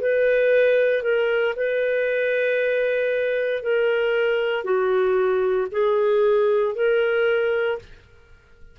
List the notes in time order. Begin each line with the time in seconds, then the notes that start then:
0.00 B4
1.03 A#4
1.56 B4
3.63 A#4
4.64 F#4
5.71 G#4
6.75 A#4